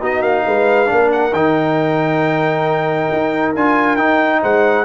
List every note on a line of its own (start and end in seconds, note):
0.00 0.22 B3
0.00 0.87 D#4
0.00 0.44 F#4
0.00 0.22 D#5
0.22 0.44 A#3
0.22 1.11 F5
0.47 0.91 G#3
0.47 0.92 B4
0.87 1.32 A#3
0.87 1.31 D4
0.87 4.41 A#4
1.12 1.34 F#5
1.32 3.09 D#3
1.32 3.56 D#4
1.32 3.55 G5
3.12 3.55 D#4
3.55 3.98 D4
3.55 3.98 F4
3.55 3.97 G#5
3.97 4.85 D#4
3.97 4.42 D#4
3.97 4.41 G5
4.41 4.85 G#3
4.41 4.85 C5
4.41 4.85 F#5